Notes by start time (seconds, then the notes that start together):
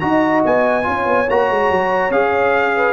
0.00 D#4 F#4 D#5 A#5
0.45 B3 G#5
0.84 C#4 F4 C#5
1.06 B3
1.30 A#3 F#4 A#5
1.50 G#3
1.71 F#3
2.10 C#4 G#4 F5
2.76 B4